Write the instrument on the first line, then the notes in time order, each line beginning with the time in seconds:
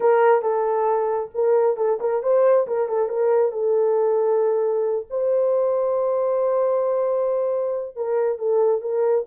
horn
0.00 A#4
0.42 A4
1.34 A#4
1.76 A4
2.00 A#4
2.22 C5
2.67 A#4
2.88 A4
3.08 A#4
3.52 A4
5.10 C5
7.96 A#4
8.38 A4
8.81 A#4